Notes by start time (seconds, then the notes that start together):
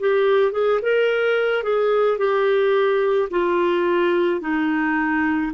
0.00 G4
0.53 G#4
0.82 A#4
1.64 G#4
2.18 G4
3.31 F4
4.41 D#4